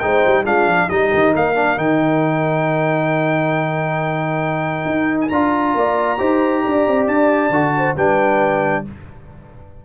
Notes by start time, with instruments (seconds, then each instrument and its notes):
0.00 tuba G#3, trombone D#4, horn C5, trumpet G5
0.26 tuba G3
0.44 tuba G#3, trombone D4, horn F4, trumpet F5
0.67 tuba F3
0.89 tuba G3, trombone D#4, horn G4, trumpet D#5
1.14 tuba D#3
1.35 tuba A#3, horn A#4, trumpet F5
1.55 trombone D4
1.77 tuba D#3, trombone D#4, trumpet G5
4.86 tuba D#4
5.21 trumpet G#5
5.29 tuba D4, trombone F4, trumpet A#5
5.75 tuba A#3, horn D5
6.18 tuba D#4, trombone G4, horn C5
6.64 tuba D4, horn D5
6.87 tuba C4
7.08 tuba D4, trumpet A5
7.50 tuba D3, trombone F#4
7.77 horn C5
7.96 tuba G3, trombone D4, horn B4, trumpet G5